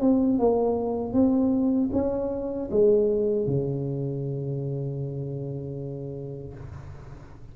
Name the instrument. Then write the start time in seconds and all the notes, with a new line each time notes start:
tuba
0.00 C4
0.38 A#3
1.13 C4
1.93 C#4
2.71 G#3
3.46 C#3